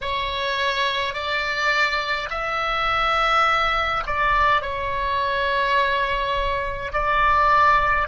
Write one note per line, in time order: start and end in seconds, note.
0.01 1.13 C#5
1.13 2.29 D5
2.30 4.03 E5
4.06 4.61 D5
4.61 6.92 C#5
6.92 8.08 D5